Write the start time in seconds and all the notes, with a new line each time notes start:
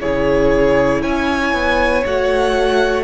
0.00 C#3 E4 G#4 C#5
1.01 C#4 C#5 G#5
1.53 B3
2.06 A3 F#4 F#5